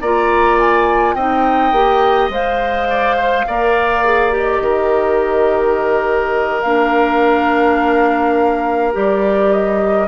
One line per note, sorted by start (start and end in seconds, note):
0.00 1.14 A#3
0.00 1.18 F4
0.00 1.15 D5
0.00 0.58 A#5
0.59 1.14 G#5
1.14 1.71 C4
1.14 1.73 D#4
1.14 2.88 D#5
1.14 2.29 G5
1.71 2.29 A#3
1.71 2.31 G4
2.29 3.44 G#3
2.29 3.46 C5
2.29 4.34 F5
2.89 3.16 D5
3.16 3.44 C5
3.47 4.61 A#3
3.47 4.04 A#4
3.47 4.62 D5
4.04 4.31 G#4
4.31 6.62 G4
4.31 6.61 D#5
4.61 6.63 D#3
4.61 10.08 A#4
6.61 8.94 A#3
6.61 8.92 D4
6.61 8.92 F5
8.92 10.08 G3
8.92 10.07 G4
8.92 9.51 D5
9.51 10.08 D#5